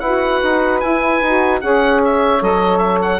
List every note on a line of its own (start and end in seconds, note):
0.00 0.41 E4
0.00 0.83 F#4
0.00 1.62 B4
0.00 0.80 F#5
0.44 0.83 D#4
0.81 1.23 E4
0.81 1.22 E4
0.81 1.61 G#5
1.22 1.62 D#4
1.22 1.62 F#4
1.62 2.42 C#4
1.62 2.40 G#4
1.62 3.20 C#5
1.62 2.02 F#5
2.05 2.44 E5
2.40 3.20 F#3
2.40 3.20 A4
2.40 2.79 D#5
2.79 2.99 E5
3.02 3.20 F#5